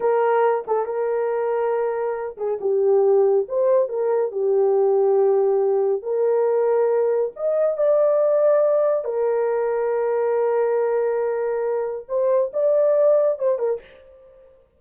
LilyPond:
\new Staff \with { instrumentName = "horn" } { \time 4/4 \tempo 4 = 139 ais'4. a'8 ais'2~ | ais'4. gis'8 g'2 | c''4 ais'4 g'2~ | g'2 ais'2~ |
ais'4 dis''4 d''2~ | d''4 ais'2.~ | ais'1 | c''4 d''2 c''8 ais'8 | }